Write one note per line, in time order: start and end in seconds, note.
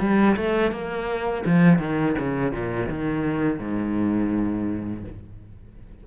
0.00 0.36 G3
0.37 0.72 A3
0.72 1.44 A#3
1.46 1.79 F3
1.79 2.16 D#3
2.19 2.53 C#3
2.53 2.89 A#2
2.89 3.59 D#3
3.59 5.04 G#2